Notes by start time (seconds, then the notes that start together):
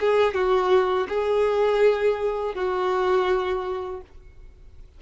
0.00 G#4
0.34 F#4
1.09 G#4
2.55 F#4